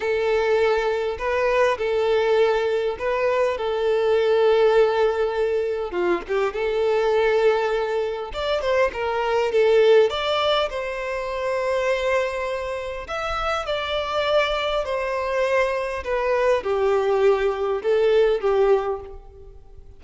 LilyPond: \new Staff \with { instrumentName = "violin" } { \time 4/4 \tempo 4 = 101 a'2 b'4 a'4~ | a'4 b'4 a'2~ | a'2 f'8 g'8 a'4~ | a'2 d''8 c''8 ais'4 |
a'4 d''4 c''2~ | c''2 e''4 d''4~ | d''4 c''2 b'4 | g'2 a'4 g'4 | }